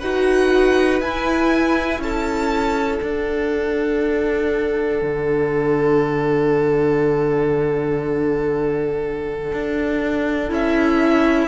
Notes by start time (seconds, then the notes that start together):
0.00 D#4 F#4 B4 F#5
1.00 E4 G#5
1.99 C#4 A4 A5
3.00 D4 F#5
5.02 D3
9.53 D4
10.49 C#4 E4 E5